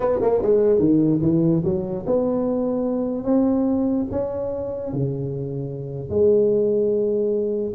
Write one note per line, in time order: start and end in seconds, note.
0.00 0.19 B3
0.21 0.41 A#3
0.42 0.79 G#3
0.79 1.20 D#3
1.22 1.62 E3
1.64 2.05 F#3
2.06 3.24 B3
3.24 4.06 C4
4.11 4.92 C#4
4.92 6.09 C#3
6.09 7.73 G#3